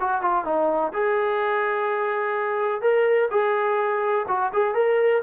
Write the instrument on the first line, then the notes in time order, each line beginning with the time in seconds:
trombone
0.00 F#4
0.21 F4
0.45 D#4
0.93 G#4
2.82 A#4
3.31 G#4
4.28 F#4
4.53 G#4
4.74 A#4